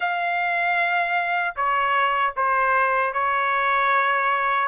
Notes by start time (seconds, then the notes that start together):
0.00 F5
1.56 C#5
2.36 C5
3.13 C#5